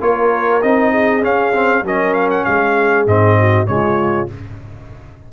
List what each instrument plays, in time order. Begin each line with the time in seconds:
0.00 tuba A#3, trombone F4, horn A#4, trumpet C#5
0.62 tuba C4, trombone D#4, trumpet D#5
0.91 horn G#4
1.22 trombone C#4, tuba C#4, trumpet F5
1.54 trombone C4
1.83 tuba F#3, trombone C#4, horn A#4, trumpet D#5
2.14 trumpet F5
2.30 trumpet F#5
2.44 tuba G#3, horn G#4, trumpet F5
3.06 tuba G#2, trombone C4, trumpet D#5
3.38 horn F#4
3.66 tuba C#3, trombone G#3, horn F4, trumpet C#5